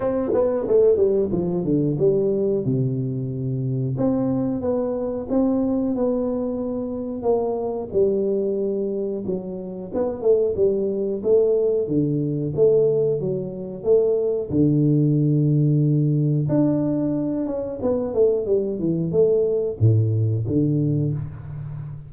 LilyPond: \new Staff \with { instrumentName = "tuba" } { \time 4/4 \tempo 4 = 91 c'8 b8 a8 g8 f8 d8 g4 | c2 c'4 b4 | c'4 b2 ais4 | g2 fis4 b8 a8 |
g4 a4 d4 a4 | fis4 a4 d2~ | d4 d'4. cis'8 b8 a8 | g8 e8 a4 a,4 d4 | }